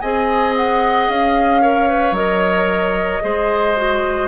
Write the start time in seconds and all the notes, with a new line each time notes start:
0.00 C4 G#4 D#5 G#5
0.56 F#5
1.08 C#4 F5
1.62 A#4 C#5
1.88 B4
2.11 F#3 A#4 D#5
3.22 G#3 G#4 C5
3.76 F#4